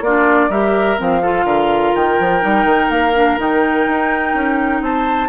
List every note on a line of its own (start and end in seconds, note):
0.00 0.48 A#3
0.00 0.51 D4
0.00 0.49 F4
0.00 0.51 D5
0.49 0.97 G3
0.49 0.97 G4
0.49 1.21 A#4
0.49 0.99 E5
0.97 1.44 F3
0.97 1.21 C4
0.97 1.95 F5
1.22 2.40 F4
1.22 1.45 A4
1.44 1.92 D3
1.44 4.81 A#4
1.95 2.19 D#3
1.95 2.90 G5
2.19 2.43 F3
2.40 2.65 G3
2.40 3.12 D#4
2.65 2.89 D#3
2.89 3.37 A#3
2.89 3.38 F5
3.14 3.38 D4
3.38 3.86 D#3
3.38 5.28 D#4
3.38 4.83 G5
3.86 4.34 D#4
4.34 4.81 C#4
4.81 5.28 C4
4.81 5.28 C5
4.81 5.28 A5